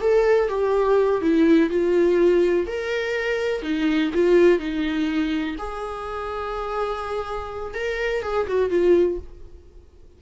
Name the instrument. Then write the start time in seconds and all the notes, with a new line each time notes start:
viola
0.00 A4
0.48 G4
1.21 E4
1.69 F4
2.66 A#4
3.62 D#4
4.14 F4
4.59 D#4
5.58 G#4
7.74 A#4
8.22 G#4
8.47 F#4
8.70 F4